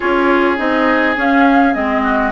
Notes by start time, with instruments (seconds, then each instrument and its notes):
0.00 bassoon C#4, clarinet F4, oboe G#4, flute C#5
0.57 bassoon C4, clarinet D#4, flute D#5
1.16 clarinet C#4, bassoon C#4, flute F5
1.73 bassoon G#3, clarinet C4, flute D#5
2.03 oboe F#4